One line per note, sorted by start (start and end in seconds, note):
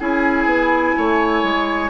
0.00 0.46 C#4
0.00 1.90 E4
0.00 0.96 G#4
0.00 1.90 G#5
0.46 0.93 B3
0.98 1.43 A3
0.98 1.90 C#5
1.43 1.90 G#3